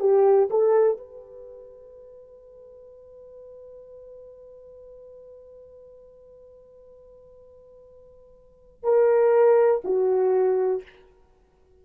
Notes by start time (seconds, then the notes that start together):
0.00 G4
0.50 A4
0.97 B4
8.83 A#4
9.84 F#4